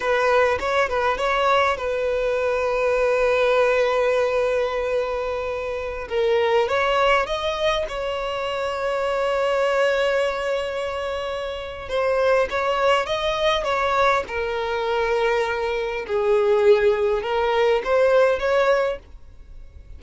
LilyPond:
\new Staff \with { instrumentName = "violin" } { \time 4/4 \tempo 4 = 101 b'4 cis''8 b'8 cis''4 b'4~ | b'1~ | b'2~ b'16 ais'4 cis''8.~ | cis''16 dis''4 cis''2~ cis''8.~ |
cis''1 | c''4 cis''4 dis''4 cis''4 | ais'2. gis'4~ | gis'4 ais'4 c''4 cis''4 | }